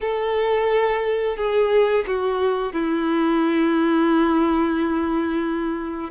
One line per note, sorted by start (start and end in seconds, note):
0.00 1.36 A4
1.36 2.05 G#4
2.06 2.72 F#4
2.72 6.11 E4